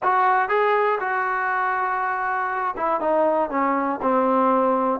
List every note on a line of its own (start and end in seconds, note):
0.02 0.48 F#4
0.48 0.98 G#4
1.00 2.75 F#4
2.76 3.00 E4
3.00 3.50 D#4
3.50 4.00 C#4
4.02 5.00 C4